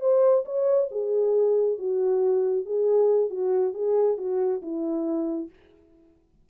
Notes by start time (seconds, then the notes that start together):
0.00 C5
0.45 C#5
0.91 G#4
1.78 F#4
2.65 G#4
3.30 F#4
3.74 G#4
4.17 F#4
4.62 E4